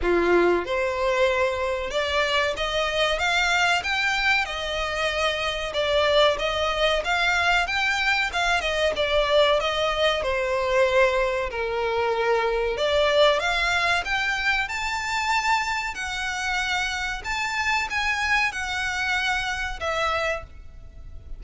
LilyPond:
\new Staff \with { instrumentName = "violin" } { \time 4/4 \tempo 4 = 94 f'4 c''2 d''4 | dis''4 f''4 g''4 dis''4~ | dis''4 d''4 dis''4 f''4 | g''4 f''8 dis''8 d''4 dis''4 |
c''2 ais'2 | d''4 f''4 g''4 a''4~ | a''4 fis''2 a''4 | gis''4 fis''2 e''4 | }